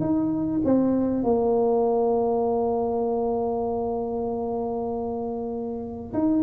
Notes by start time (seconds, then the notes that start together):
0.00 D#4
0.64 C4
1.23 A#3
6.13 D#4